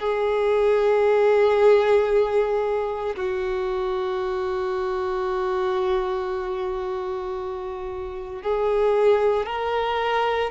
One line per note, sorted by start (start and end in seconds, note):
0.00 3.16 G#4
3.17 8.43 F#4
8.43 9.46 G#4
9.46 10.51 A#4